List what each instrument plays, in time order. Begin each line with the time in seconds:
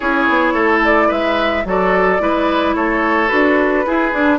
0.00 bassoon C#4, clarinet E4, oboe G#4, flute C#5
0.29 bassoon B3
0.53 bassoon A3, oboe A4
0.84 flute D5
1.08 bassoon G#3, oboe B4, flute E5
1.65 bassoon F#3, clarinet F#4, oboe A4, flute D5
2.18 bassoon G#3, clarinet E4, oboe B4
2.75 bassoon A3, oboe A4, flute C#5
3.28 bassoon D4, clarinet F#4, flute B4
3.86 clarinet E4, bassoon E4, oboe G#4
4.11 clarinet D4, bassoon D4